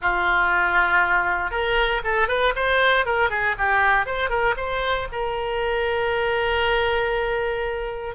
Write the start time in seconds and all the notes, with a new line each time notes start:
0.01 F4
1.50 A#4
2.03 A4
2.28 B4
2.55 C5
3.05 A#4
3.30 G#4
3.58 G4
4.05 C5
4.29 A#4
4.56 C5
5.12 A#4